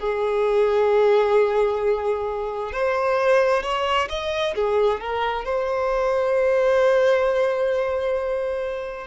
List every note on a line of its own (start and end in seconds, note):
0.00 2.73 G#4
2.73 3.63 C5
3.63 4.09 C#5
4.10 4.55 D#5
4.56 5.00 G#4
5.00 5.45 A#4
5.45 9.07 C5